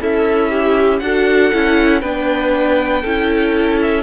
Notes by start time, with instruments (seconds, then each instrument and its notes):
0.00 cello C#4, violin E4 E5, viola A4
0.50 viola G4
1.00 cello D4, viola F#4, violin A4 F#5
1.53 cello C#4, viola E4
2.01 cello B3, viola D4, violin B4 G5
3.02 cello C#4, viola E4, violin A4
3.82 violin E5